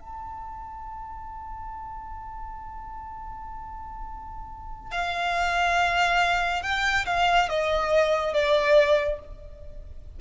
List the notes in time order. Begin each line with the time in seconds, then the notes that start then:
0.00 A5
4.91 F5
6.62 G5
7.06 F5
7.49 D#5
8.33 D5